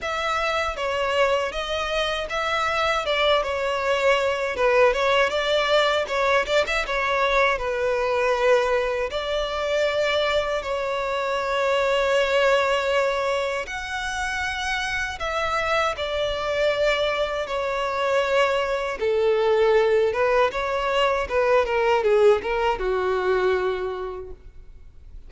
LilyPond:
\new Staff \with { instrumentName = "violin" } { \time 4/4 \tempo 4 = 79 e''4 cis''4 dis''4 e''4 | d''8 cis''4. b'8 cis''8 d''4 | cis''8 d''16 e''16 cis''4 b'2 | d''2 cis''2~ |
cis''2 fis''2 | e''4 d''2 cis''4~ | cis''4 a'4. b'8 cis''4 | b'8 ais'8 gis'8 ais'8 fis'2 | }